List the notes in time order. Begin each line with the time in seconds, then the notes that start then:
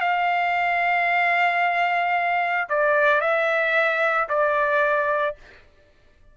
0.00 F5
2.69 D5
3.20 E5
4.28 D5